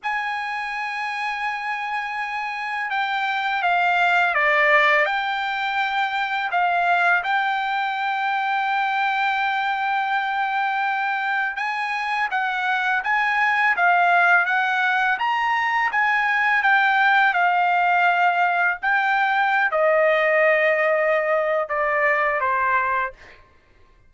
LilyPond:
\new Staff \with { instrumentName = "trumpet" } { \time 4/4 \tempo 4 = 83 gis''1 | g''4 f''4 d''4 g''4~ | g''4 f''4 g''2~ | g''1 |
gis''4 fis''4 gis''4 f''4 | fis''4 ais''4 gis''4 g''4 | f''2 g''4~ g''16 dis''8.~ | dis''2 d''4 c''4 | }